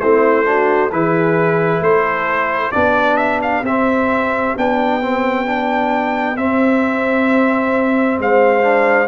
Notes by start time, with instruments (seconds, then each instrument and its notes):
0.00 tuba A3, trombone C4, horn E4, trumpet C5
0.45 trombone D4, horn F#4
0.92 tuba E3, trombone E4, horn G#4, trumpet B4
1.80 tuba A3, horn A4, trumpet C5
2.72 tuba B3, trombone D4, horn G4, trumpet D5
3.17 trumpet E5
3.42 trumpet F5
3.63 tuba C4, trombone C4, trumpet E5
4.57 tuba B3, trombone D4, trumpet G5
5.02 trombone C4
5.46 trombone D4
6.37 trombone C4, tuba C4, trumpet E5
8.19 tuba G#3, horn C5, trumpet F5
8.62 trombone D4